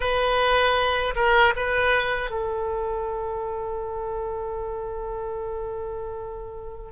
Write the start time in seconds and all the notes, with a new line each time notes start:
0.00 B4
1.15 A#4
1.56 B4
2.30 A4